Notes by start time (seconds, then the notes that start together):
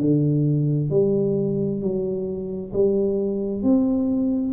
0.00 D3
0.90 G3
1.81 F#3
2.73 G3
3.62 C4